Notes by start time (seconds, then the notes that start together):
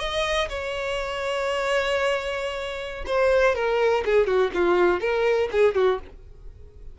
0.00 D#5
0.49 C#5
3.07 C5
3.55 A#4
4.05 G#4
4.27 F#4
4.54 F4
5.01 A#4
5.52 G#4
5.75 F#4